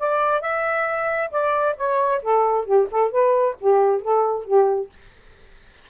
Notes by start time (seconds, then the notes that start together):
0.00 D5
0.42 E5
1.32 D5
1.77 C#5
2.22 A4
2.66 G4
2.92 A4
3.12 B4
3.61 G4
4.02 A4
4.45 G4